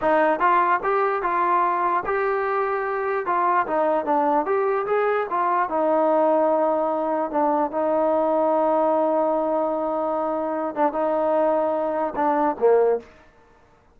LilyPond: \new Staff \with { instrumentName = "trombone" } { \time 4/4 \tempo 4 = 148 dis'4 f'4 g'4 f'4~ | f'4 g'2. | f'4 dis'4 d'4 g'4 | gis'4 f'4 dis'2~ |
dis'2 d'4 dis'4~ | dis'1~ | dis'2~ dis'8 d'8 dis'4~ | dis'2 d'4 ais4 | }